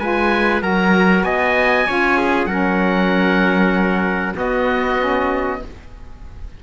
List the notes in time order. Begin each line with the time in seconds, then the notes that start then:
0.00 G#3 F4 B4 G#5
0.61 F#3 F#4 A#4 A#5
1.24 B3 D#5 G#5
1.87 C#4 F4 C#5
2.18 G#4
2.46 F#3 C#4 A#4 F#5
4.35 B3 F#4 D#5
4.99 C#4